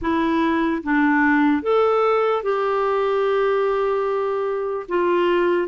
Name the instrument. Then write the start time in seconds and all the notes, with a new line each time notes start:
clarinet
0.01 E4
0.83 D4
1.62 A4
2.43 G4
4.88 F4